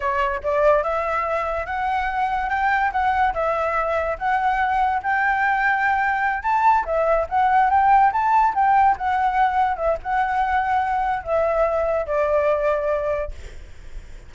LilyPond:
\new Staff \with { instrumentName = "flute" } { \time 4/4 \tempo 4 = 144 cis''4 d''4 e''2 | fis''2 g''4 fis''4 | e''2 fis''2 | g''2.~ g''8 a''8~ |
a''8 e''4 fis''4 g''4 a''8~ | a''8 g''4 fis''2 e''8 | fis''2. e''4~ | e''4 d''2. | }